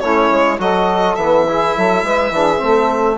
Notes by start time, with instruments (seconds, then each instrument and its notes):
0.00 bassoon A3, trombone C#4, saxophone E4, violin C#5
0.31 bassoon G#3
0.59 bassoon F#3, trombone F#4, saxophone A4, violin D#5
1.16 bassoon E3, trombone B3, violin E5
1.49 trombone E4, saxophone G#4
1.77 bassoon F#3, saxophone A4
2.03 bassoon G#3, saxophone B4
2.31 bassoon E3, trombone D4, saxophone G#4
2.58 bassoon A3, trombone C4, saxophone A4